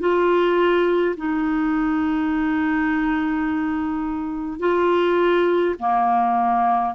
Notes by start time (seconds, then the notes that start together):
0.00 F4
1.17 D#4
4.60 F4
5.80 A#3